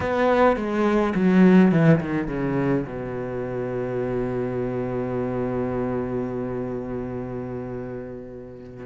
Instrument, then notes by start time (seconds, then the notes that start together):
cello
0.00 B3
0.56 G#3
1.15 F#3
1.71 E3
2.00 D#3
2.27 C#3
2.86 B2